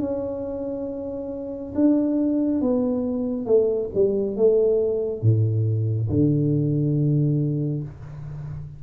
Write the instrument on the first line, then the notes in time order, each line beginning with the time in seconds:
tuba
0.00 C#4
1.75 D4
2.62 B3
3.47 A3
3.95 G3
4.37 A3
5.23 A2
6.09 D3